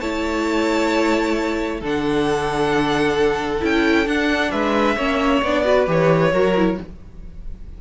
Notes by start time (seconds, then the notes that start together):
0.00 A3 E4 C#5 A5
1.80 D3 D4 A4
1.86 F#5
3.60 C#4 E4 G5
4.06 D4 F#5
4.51 G#3 B4 E5
4.96 A#3 C#4 C#5
5.42 B3 D4 D5
5.64 F#4 B4
5.86 E3 G4 C#5
6.32 F#3 F#4 A#4
6.56 E4